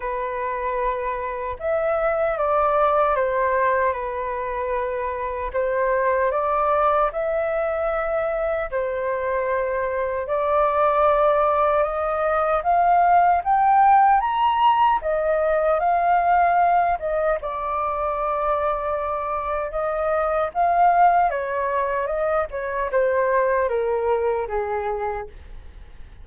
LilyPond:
\new Staff \with { instrumentName = "flute" } { \time 4/4 \tempo 4 = 76 b'2 e''4 d''4 | c''4 b'2 c''4 | d''4 e''2 c''4~ | c''4 d''2 dis''4 |
f''4 g''4 ais''4 dis''4 | f''4. dis''8 d''2~ | d''4 dis''4 f''4 cis''4 | dis''8 cis''8 c''4 ais'4 gis'4 | }